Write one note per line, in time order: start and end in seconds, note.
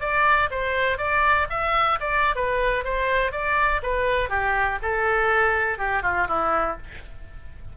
0.00 0.49 D5
0.51 0.98 C5
0.98 1.47 D5
1.50 1.99 E5
2.00 2.35 D5
2.35 2.84 B4
2.84 3.32 C5
3.32 3.81 D5
3.83 4.29 B4
4.29 4.79 G4
4.82 5.78 A4
5.78 6.03 G4
6.03 6.27 F4
6.28 6.77 E4